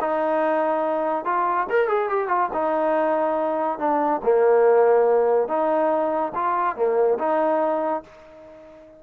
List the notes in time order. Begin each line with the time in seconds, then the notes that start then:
0.00 D#4
1.25 F4
1.69 A#4
1.88 G#4
2.09 G4
2.28 F4
2.53 D#4
3.79 D4
4.23 A#3
5.48 D#4
6.35 F4
6.75 A#3
7.19 D#4